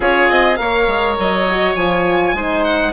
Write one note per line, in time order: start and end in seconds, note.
0.00 0.29 C#4
0.00 0.56 F4
0.00 0.58 G#4
0.00 0.30 C#5
0.29 0.59 C4
0.29 0.56 D#5
0.56 0.87 A#3
0.56 1.45 A#4
0.56 2.36 C#5
0.56 1.15 F5
0.87 1.17 G#3
1.18 1.75 F#3
1.18 1.75 D#5
1.49 1.77 F#4
1.75 2.33 F3
1.75 2.35 F4
1.75 2.63 G#5
2.33 2.92 G#3
2.33 2.93 D#4
2.33 2.93 C5
2.63 2.93 F#5